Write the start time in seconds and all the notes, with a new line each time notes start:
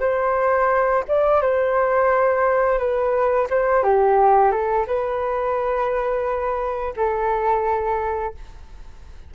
0.00 C5
1.08 D5
1.42 C5
2.78 B4
3.50 C5
3.83 G4
4.52 A4
4.87 B4
6.97 A4